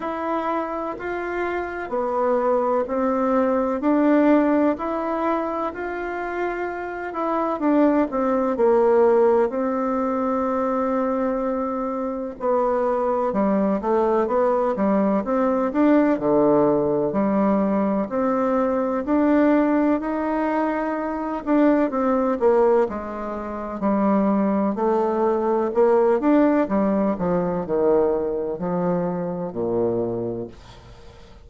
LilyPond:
\new Staff \with { instrumentName = "bassoon" } { \time 4/4 \tempo 4 = 63 e'4 f'4 b4 c'4 | d'4 e'4 f'4. e'8 | d'8 c'8 ais4 c'2~ | c'4 b4 g8 a8 b8 g8 |
c'8 d'8 d4 g4 c'4 | d'4 dis'4. d'8 c'8 ais8 | gis4 g4 a4 ais8 d'8 | g8 f8 dis4 f4 ais,4 | }